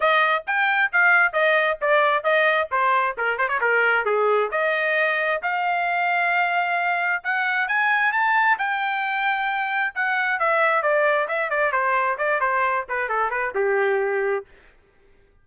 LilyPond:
\new Staff \with { instrumentName = "trumpet" } { \time 4/4 \tempo 4 = 133 dis''4 g''4 f''4 dis''4 | d''4 dis''4 c''4 ais'8 c''16 cis''16 | ais'4 gis'4 dis''2 | f''1 |
fis''4 gis''4 a''4 g''4~ | g''2 fis''4 e''4 | d''4 e''8 d''8 c''4 d''8 c''8~ | c''8 b'8 a'8 b'8 g'2 | }